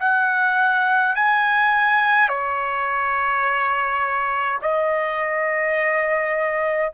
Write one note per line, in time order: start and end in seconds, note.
0.00 1.15 F#5
1.15 2.29 G#5
2.29 4.59 C#5
4.62 6.93 D#5